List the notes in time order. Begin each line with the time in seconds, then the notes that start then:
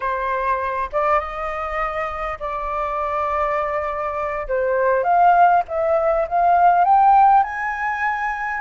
0.00 C5
0.92 D5
1.19 D#5
2.39 D5
4.48 C5
5.03 F5
5.67 E5
6.28 F5
6.84 G5
7.43 G#5